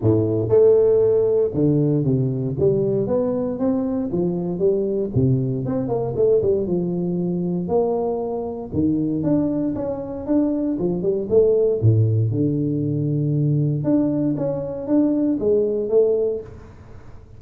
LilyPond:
\new Staff \with { instrumentName = "tuba" } { \time 4/4 \tempo 4 = 117 a,4 a2 d4 | c4 g4 b4 c'4 | f4 g4 c4 c'8 ais8 | a8 g8 f2 ais4~ |
ais4 dis4 d'4 cis'4 | d'4 f8 g8 a4 a,4 | d2. d'4 | cis'4 d'4 gis4 a4 | }